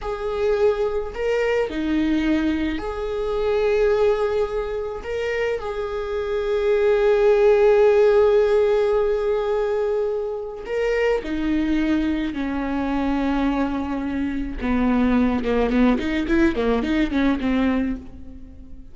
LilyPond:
\new Staff \with { instrumentName = "viola" } { \time 4/4 \tempo 4 = 107 gis'2 ais'4 dis'4~ | dis'4 gis'2.~ | gis'4 ais'4 gis'2~ | gis'1~ |
gis'2. ais'4 | dis'2 cis'2~ | cis'2 b4. ais8 | b8 dis'8 e'8 ais8 dis'8 cis'8 c'4 | }